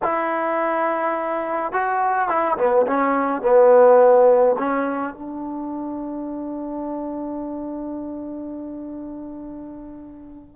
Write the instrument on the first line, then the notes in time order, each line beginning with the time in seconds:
trombone
0.02 E4
1.72 F#4
2.28 E4
2.57 B3
2.86 C#4
3.41 B3
4.58 C#4
5.13 D4